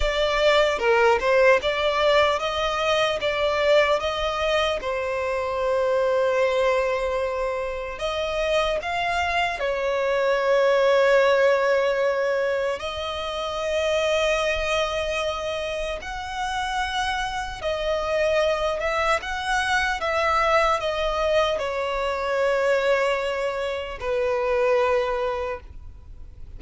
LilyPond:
\new Staff \with { instrumentName = "violin" } { \time 4/4 \tempo 4 = 75 d''4 ais'8 c''8 d''4 dis''4 | d''4 dis''4 c''2~ | c''2 dis''4 f''4 | cis''1 |
dis''1 | fis''2 dis''4. e''8 | fis''4 e''4 dis''4 cis''4~ | cis''2 b'2 | }